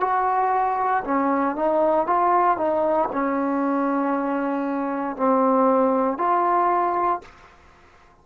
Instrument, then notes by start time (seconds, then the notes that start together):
trombone
0.00 F#4
1.04 C#4
1.56 D#4
2.06 F4
2.57 D#4
3.12 C#4
5.17 C4
6.18 F4